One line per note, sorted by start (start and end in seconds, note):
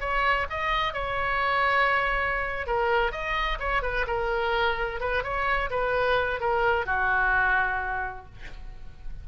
0.00 0.47 C#5
0.50 0.93 D#5
0.93 2.66 C#5
2.66 3.12 A#4
3.12 3.58 D#5
3.59 3.82 C#5
3.82 4.05 B4
4.07 5.00 A#4
5.00 5.23 B4
5.23 5.70 C#5
5.70 6.40 B4
6.40 6.86 A#4
6.86 8.25 F#4